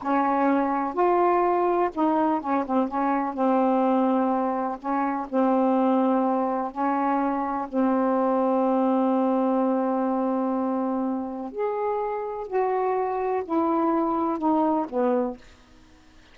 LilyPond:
\new Staff \with { instrumentName = "saxophone" } { \time 4/4 \tempo 4 = 125 cis'2 f'2 | dis'4 cis'8 c'8 cis'4 c'4~ | c'2 cis'4 c'4~ | c'2 cis'2 |
c'1~ | c'1 | gis'2 fis'2 | e'2 dis'4 b4 | }